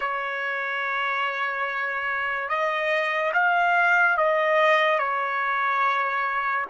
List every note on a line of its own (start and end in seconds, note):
0.00 2.48 C#5
2.48 3.31 D#5
3.33 4.17 F5
4.17 4.98 D#5
4.98 6.65 C#5